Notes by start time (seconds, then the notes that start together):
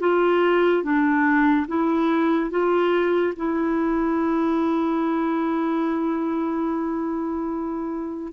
0.00 F4
0.83 D4
1.68 E4
2.50 F4
3.36 E4